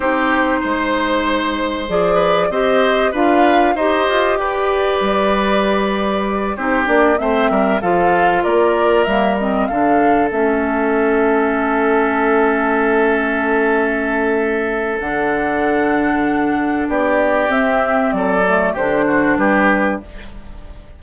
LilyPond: <<
  \new Staff \with { instrumentName = "flute" } { \time 4/4 \tempo 4 = 96 c''2. d''4 | dis''4 f''4 dis''4 d''4~ | d''2~ d''8 c''8 d''8 e''8~ | e''8 f''4 d''4 e''8 dis''8 f''8~ |
f''8 e''2.~ e''8~ | e''1 | fis''2. d''4 | e''4 d''4 c''4 b'4 | }
  \new Staff \with { instrumentName = "oboe" } { \time 4/4 g'4 c''2~ c''8 b'8 | c''4 b'4 c''4 b'4~ | b'2~ b'8 g'4 c''8 | ais'8 a'4 ais'2 a'8~ |
a'1~ | a'1~ | a'2. g'4~ | g'4 a'4 g'8 fis'8 g'4 | }
  \new Staff \with { instrumentName = "clarinet" } { \time 4/4 dis'2. gis'4 | g'4 f'4 g'2~ | g'2~ g'8 dis'8 d'8 c'8~ | c'8 f'2 ais8 c'8 d'8~ |
d'8 cis'2.~ cis'8~ | cis'1 | d'1 | c'4. a8 d'2 | }
  \new Staff \with { instrumentName = "bassoon" } { \time 4/4 c'4 gis2 f4 | c'4 d'4 dis'8 f'8 g'4 | g2~ g8 c'8 ais8 a8 | g8 f4 ais4 g4 d8~ |
d8 a2.~ a8~ | a1 | d2. b4 | c'4 fis4 d4 g4 | }
>>